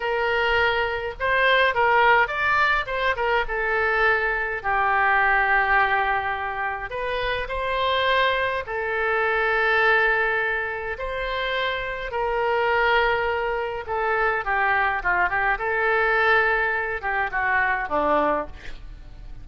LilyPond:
\new Staff \with { instrumentName = "oboe" } { \time 4/4 \tempo 4 = 104 ais'2 c''4 ais'4 | d''4 c''8 ais'8 a'2 | g'1 | b'4 c''2 a'4~ |
a'2. c''4~ | c''4 ais'2. | a'4 g'4 f'8 g'8 a'4~ | a'4. g'8 fis'4 d'4 | }